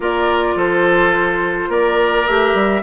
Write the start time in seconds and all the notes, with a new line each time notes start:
0.00 A#3 F4 A#4 D5
0.55 F3 A4 C5
1.68 A#3 A#4 D5
2.27 A3 G4 E5
2.53 G3